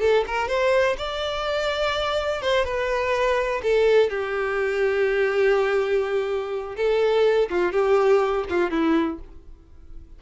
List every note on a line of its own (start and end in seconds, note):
0.00 0.24 A4
0.26 0.47 A#4
0.47 0.96 C5
0.97 2.41 D5
2.41 2.64 C5
2.64 3.61 B4
3.63 4.09 A4
4.09 6.75 G4
6.76 7.49 A4
7.49 7.72 F4
7.72 8.44 G4
8.49 8.70 F4
8.70 9.19 E4